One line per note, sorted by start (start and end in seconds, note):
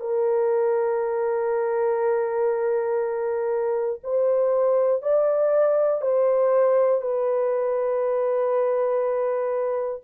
0.00 4.00 A#4
4.03 5.02 C5
5.02 6.01 D5
6.01 7.01 C5
7.01 10.01 B4